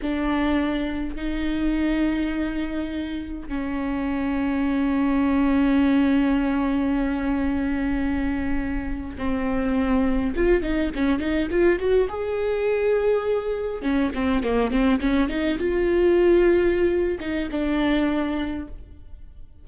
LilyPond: \new Staff \with { instrumentName = "viola" } { \time 4/4 \tempo 4 = 103 d'2 dis'2~ | dis'2 cis'2~ | cis'1~ | cis'2.~ cis'8. c'16~ |
c'4.~ c'16 f'8 dis'8 cis'8 dis'8 f'16~ | f'16 fis'8 gis'2. cis'16~ | cis'16 c'8 ais8 c'8 cis'8 dis'8 f'4~ f'16~ | f'4. dis'8 d'2 | }